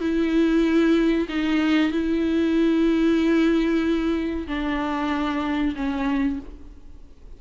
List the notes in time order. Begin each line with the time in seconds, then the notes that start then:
0.00 E4
1.29 D#4
1.91 E4
4.47 D4
5.76 C#4